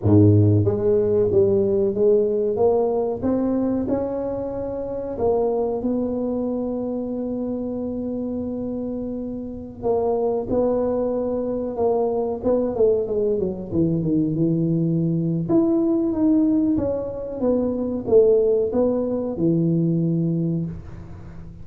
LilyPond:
\new Staff \with { instrumentName = "tuba" } { \time 4/4 \tempo 4 = 93 gis,4 gis4 g4 gis4 | ais4 c'4 cis'2 | ais4 b2.~ | b2.~ b16 ais8.~ |
ais16 b2 ais4 b8 a16~ | a16 gis8 fis8 e8 dis8 e4.~ e16 | e'4 dis'4 cis'4 b4 | a4 b4 e2 | }